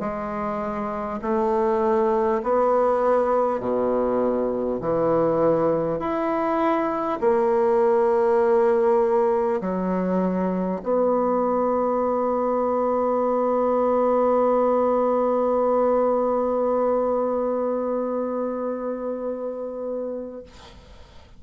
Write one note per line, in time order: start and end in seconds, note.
0.00 1.20 G#3
1.22 2.42 A3
2.43 3.60 B3
3.60 4.80 B2
4.81 5.99 E3
5.99 7.19 E4
7.21 9.61 A#3
9.61 10.81 F#3
10.83 20.43 B3